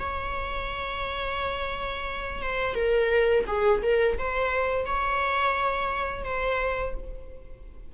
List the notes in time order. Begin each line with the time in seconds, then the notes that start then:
0.00 C#5
2.43 C5
2.75 A#4
3.48 G#4
3.83 A#4
4.19 C5
4.86 C#5
6.25 C5